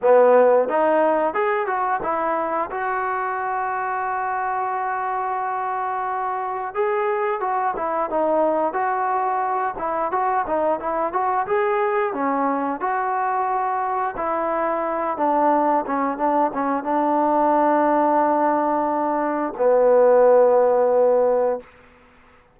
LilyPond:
\new Staff \with { instrumentName = "trombone" } { \time 4/4 \tempo 4 = 89 b4 dis'4 gis'8 fis'8 e'4 | fis'1~ | fis'2 gis'4 fis'8 e'8 | dis'4 fis'4. e'8 fis'8 dis'8 |
e'8 fis'8 gis'4 cis'4 fis'4~ | fis'4 e'4. d'4 cis'8 | d'8 cis'8 d'2.~ | d'4 b2. | }